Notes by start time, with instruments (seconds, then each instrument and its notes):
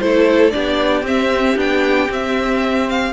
0.00 cello A3, viola E4, violin A4 C5
0.51 cello B3, viola D4, violin G4 D5
1.03 cello C4, viola C4, violin E5
1.57 cello B3, viola D4, violin G5
2.10 viola C4, cello C4, violin E5
2.90 violin F5